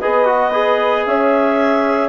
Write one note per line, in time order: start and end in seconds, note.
0.00 1.06 B3
0.00 0.25 G#4
0.00 1.06 B4
0.00 1.05 D#5
0.25 0.52 F#4
0.53 2.09 G#4
1.06 2.09 C#4
1.06 2.09 C#5
1.06 2.09 E5